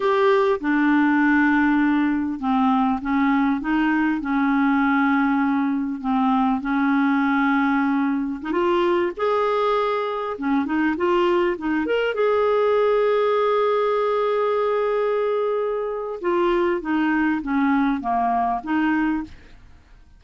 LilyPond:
\new Staff \with { instrumentName = "clarinet" } { \time 4/4 \tempo 4 = 100 g'4 d'2. | c'4 cis'4 dis'4 cis'4~ | cis'2 c'4 cis'4~ | cis'2 dis'16 f'4 gis'8.~ |
gis'4~ gis'16 cis'8 dis'8 f'4 dis'8 ais'16~ | ais'16 gis'2.~ gis'8.~ | gis'2. f'4 | dis'4 cis'4 ais4 dis'4 | }